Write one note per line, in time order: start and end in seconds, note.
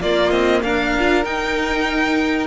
0.00 0.31 A#3
0.00 0.98 A#3
0.00 0.63 F4
0.00 0.30 D5
0.30 0.62 C4
0.30 0.61 D#5
0.63 1.25 D4
0.63 2.47 A#4
0.63 1.24 F5
0.98 1.24 F4
1.24 2.47 D#4
1.24 2.47 G5